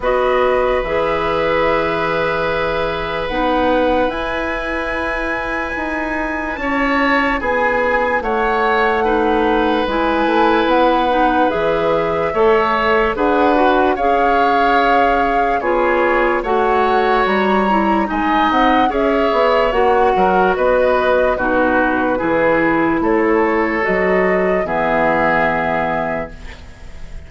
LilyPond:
<<
  \new Staff \with { instrumentName = "flute" } { \time 4/4 \tempo 4 = 73 dis''4 e''2. | fis''4 gis''2. | a''4 gis''4 fis''2 | gis''4 fis''4 e''2 |
fis''4 f''2 cis''4 | fis''4 ais''4 gis''8 fis''8 e''4 | fis''4 dis''4 b'2 | cis''4 dis''4 e''2 | }
  \new Staff \with { instrumentName = "oboe" } { \time 4/4 b'1~ | b'1 | cis''4 gis'4 cis''4 b'4~ | b'2. cis''4 |
b'4 cis''2 gis'4 | cis''2 dis''4 cis''4~ | cis''8 ais'8 b'4 fis'4 gis'4 | a'2 gis'2 | }
  \new Staff \with { instrumentName = "clarinet" } { \time 4/4 fis'4 gis'2. | dis'4 e'2.~ | e'2. dis'4 | e'4. dis'8 gis'4 a'4 |
gis'8 fis'8 gis'2 f'4 | fis'4. e'8 dis'4 gis'4 | fis'2 dis'4 e'4~ | e'4 fis'4 b2 | }
  \new Staff \with { instrumentName = "bassoon" } { \time 4/4 b4 e2. | b4 e'2 dis'4 | cis'4 b4 a2 | gis8 a8 b4 e4 a4 |
d'4 cis'2 b4 | a4 g4 gis8 c'8 cis'8 b8 | ais8 fis8 b4 b,4 e4 | a4 fis4 e2 | }
>>